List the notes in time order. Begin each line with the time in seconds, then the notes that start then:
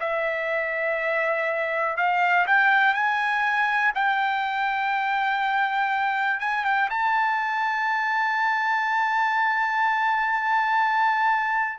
0.00 E5
1.97 F5
2.47 G5
2.94 G#5
3.95 G5
6.40 G#5
6.64 G5
6.90 A5